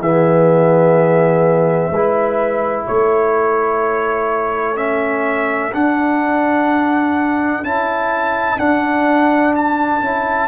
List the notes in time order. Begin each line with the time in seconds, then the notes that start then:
0.00 E3 B3 G#4 E5
1.90 G#3 E4 B4
2.86 A3 A4 C#5
4.77 C#4 E5
5.73 D4 F#5
7.63 C#4 E4 A5
8.59 D4 F#5
9.55 A5
10.01 C#4 E4